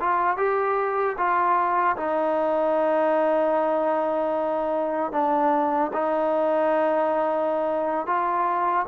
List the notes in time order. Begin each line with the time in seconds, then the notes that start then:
0.00 F4
0.37 G4
1.17 F4
1.97 D#4
5.12 D4
5.93 D#4
8.07 F4